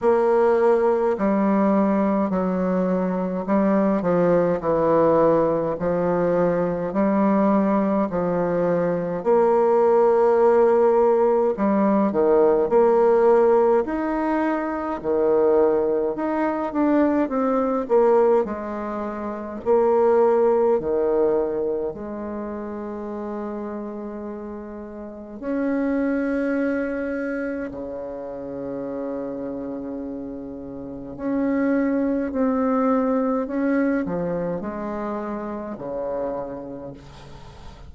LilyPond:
\new Staff \with { instrumentName = "bassoon" } { \time 4/4 \tempo 4 = 52 ais4 g4 fis4 g8 f8 | e4 f4 g4 f4 | ais2 g8 dis8 ais4 | dis'4 dis4 dis'8 d'8 c'8 ais8 |
gis4 ais4 dis4 gis4~ | gis2 cis'2 | cis2. cis'4 | c'4 cis'8 f8 gis4 cis4 | }